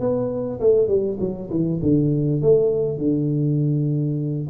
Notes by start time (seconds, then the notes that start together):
0.00 B3
0.61 A3
0.88 G3
1.20 F#3
1.51 E3
1.82 D3
2.42 A3
2.98 D3